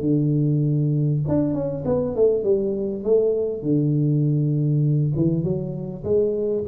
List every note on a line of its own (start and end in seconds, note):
0.00 1.20 D3
1.28 1.54 D4
1.54 1.84 C#4
1.85 2.15 B3
2.15 2.43 A3
2.43 3.03 G3
3.03 3.62 A3
3.62 5.12 D3
5.15 5.43 E3
5.43 6.03 F#3
6.04 6.64 G#3